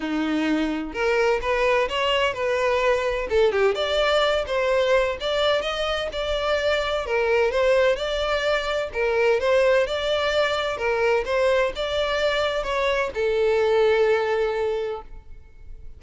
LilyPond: \new Staff \with { instrumentName = "violin" } { \time 4/4 \tempo 4 = 128 dis'2 ais'4 b'4 | cis''4 b'2 a'8 g'8 | d''4. c''4. d''4 | dis''4 d''2 ais'4 |
c''4 d''2 ais'4 | c''4 d''2 ais'4 | c''4 d''2 cis''4 | a'1 | }